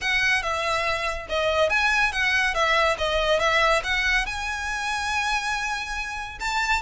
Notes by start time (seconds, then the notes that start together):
0.01 F#5
0.42 E5
1.29 D#5
1.69 G#5
2.12 F#5
2.54 E5
2.97 D#5
3.39 E5
3.83 F#5
4.26 G#5
6.39 A5